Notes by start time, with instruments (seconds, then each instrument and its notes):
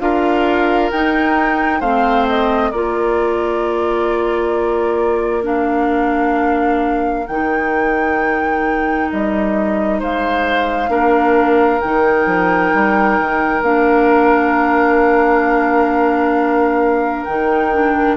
0.00 bassoon D4, clarinet F4, oboe A#4, flute F5
0.91 bassoon D#4, clarinet D#4, flute G5
1.80 bassoon A3, clarinet C4, oboe C5, flute F5
2.28 flute D#5
2.71 bassoon A#3, clarinet F4, oboe A#4, flute D5
5.43 clarinet D4, flute F5
7.27 bassoon D#3, clarinet D#4, flute G5
9.10 bassoon G3, flute D#5
9.99 bassoon G#3, oboe C5, flute F5
10.89 bassoon A#3, clarinet D4, oboe A#4
11.81 bassoon D#3, clarinet D#4, flute G5
12.26 bassoon F3
12.75 bassoon G3
13.20 bassoon D#3
13.62 bassoon A#3, clarinet D4, flute F5
17.25 bassoon D#3, clarinet D#4, flute G5
17.73 clarinet D4